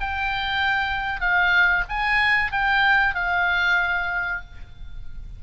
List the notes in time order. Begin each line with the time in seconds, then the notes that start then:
0.00 G5
1.21 F5
1.89 G#5
2.52 G5
3.15 F5